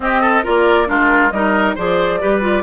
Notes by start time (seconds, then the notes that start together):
0.00 C4 G4 D#5
0.21 A4
0.43 A#3 F4 A#4 D5
0.86 G#3 D4 F4 A#4
1.30 G3 D#4 A#4 D#5
1.75 F3 G#4 C5 D5
2.20 G3 G4 B4
2.41 F4